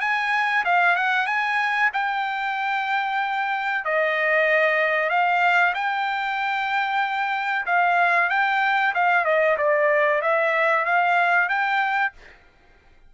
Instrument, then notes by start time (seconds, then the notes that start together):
trumpet
0.00 G#5
0.65 F5
0.96 F#5
1.26 G#5
1.93 G5
3.85 D#5
5.09 F5
5.74 G5
7.66 F5
8.29 G5
8.94 F5
9.25 D#5
9.57 D5
10.21 E5
10.85 F5
11.49 G5